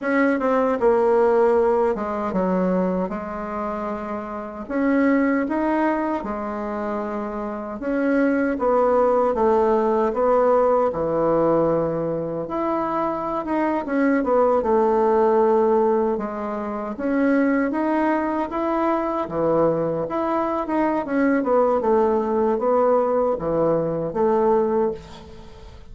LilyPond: \new Staff \with { instrumentName = "bassoon" } { \time 4/4 \tempo 4 = 77 cis'8 c'8 ais4. gis8 fis4 | gis2 cis'4 dis'4 | gis2 cis'4 b4 | a4 b4 e2 |
e'4~ e'16 dis'8 cis'8 b8 a4~ a16~ | a8. gis4 cis'4 dis'4 e'16~ | e'8. e4 e'8. dis'8 cis'8 b8 | a4 b4 e4 a4 | }